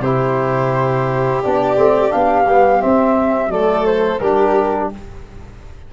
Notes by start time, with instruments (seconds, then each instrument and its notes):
0.00 tuba C3, trombone E4, violin G4, flute C5
1.43 tuba B3, trombone D4, flute D5
1.76 tuba A3, trombone C4
2.10 tuba B3, trombone D4, flute F5
2.47 tuba G3, trombone B3
2.80 trombone C4, tuba C4, flute E5
3.49 tuba F#3, trombone A3, violin A4, flute D5
3.86 flute C5
4.19 tuba G3, trombone D4, violin G4, flute A#4